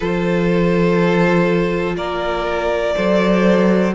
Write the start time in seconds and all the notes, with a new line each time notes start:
0.00 F3 F4 A4 C5
1.96 A#3 A#4 D5
2.94 F#3 A4 C5